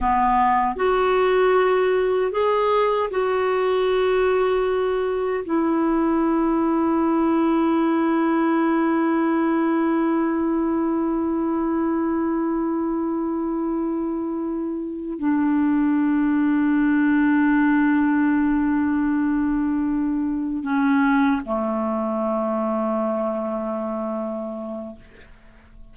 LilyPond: \new Staff \with { instrumentName = "clarinet" } { \time 4/4 \tempo 4 = 77 b4 fis'2 gis'4 | fis'2. e'4~ | e'1~ | e'1~ |
e'2.~ e'8 d'8~ | d'1~ | d'2~ d'8 cis'4 a8~ | a1 | }